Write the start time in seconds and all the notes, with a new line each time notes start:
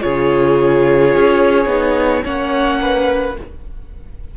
0.00 C#3 F4 G#4 C#5
1.15 C#4
1.66 B3 D#4
2.24 A#3 C#4 C#5 F#5
2.82 B4